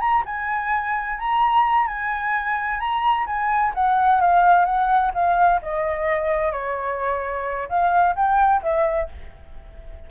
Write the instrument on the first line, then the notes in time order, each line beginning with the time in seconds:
flute
0.00 A#5
0.26 G#5
1.19 A#5
1.87 G#5
2.79 A#5
3.26 G#5
3.74 F#5
4.21 F5
4.65 F#5
5.14 F5
5.62 D#5
6.52 C#5
7.68 F5
8.15 G5
8.62 E5